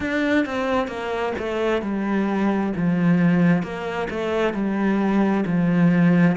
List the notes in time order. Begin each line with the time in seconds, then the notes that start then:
0.00 D4
0.45 C4
0.87 A#3
1.38 A3
1.82 G3
2.76 F3
3.62 A#3
4.10 A3
4.53 G3
5.45 F3